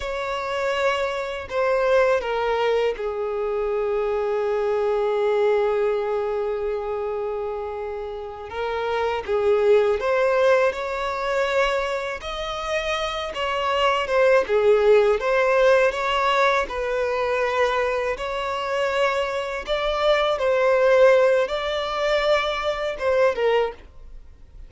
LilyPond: \new Staff \with { instrumentName = "violin" } { \time 4/4 \tempo 4 = 81 cis''2 c''4 ais'4 | gis'1~ | gis'2.~ gis'8 ais'8~ | ais'8 gis'4 c''4 cis''4.~ |
cis''8 dis''4. cis''4 c''8 gis'8~ | gis'8 c''4 cis''4 b'4.~ | b'8 cis''2 d''4 c''8~ | c''4 d''2 c''8 ais'8 | }